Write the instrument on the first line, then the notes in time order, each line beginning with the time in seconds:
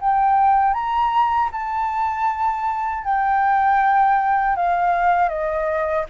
flute
0.00 G5
0.74 A#5
1.52 A5
3.04 G5
4.56 F5
5.29 D#5